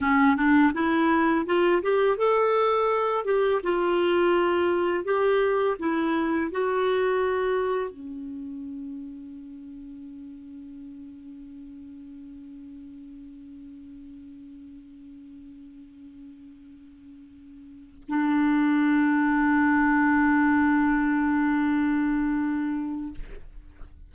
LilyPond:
\new Staff \with { instrumentName = "clarinet" } { \time 4/4 \tempo 4 = 83 cis'8 d'8 e'4 f'8 g'8 a'4~ | a'8 g'8 f'2 g'4 | e'4 fis'2 cis'4~ | cis'1~ |
cis'1~ | cis'1~ | cis'4 d'2.~ | d'1 | }